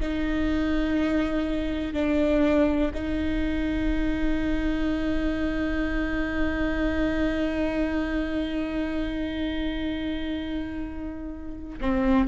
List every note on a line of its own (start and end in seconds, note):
0.00 1.93 D#4
1.93 2.92 D4
2.94 11.79 D#4
11.81 12.28 C4